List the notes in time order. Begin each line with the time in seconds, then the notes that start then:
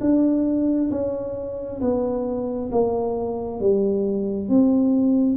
0.00 D4
0.90 C#4
1.81 B3
2.71 A#3
3.59 G3
4.48 C4